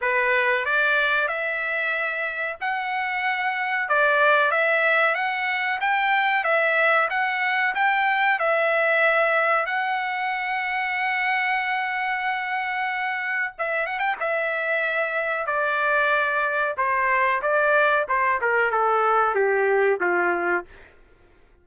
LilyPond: \new Staff \with { instrumentName = "trumpet" } { \time 4/4 \tempo 4 = 93 b'4 d''4 e''2 | fis''2 d''4 e''4 | fis''4 g''4 e''4 fis''4 | g''4 e''2 fis''4~ |
fis''1~ | fis''4 e''8 fis''16 g''16 e''2 | d''2 c''4 d''4 | c''8 ais'8 a'4 g'4 f'4 | }